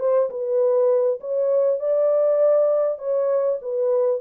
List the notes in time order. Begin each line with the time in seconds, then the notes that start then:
0.00 C5
0.30 B4
1.21 C#5
1.79 D5
2.99 C#5
3.62 B4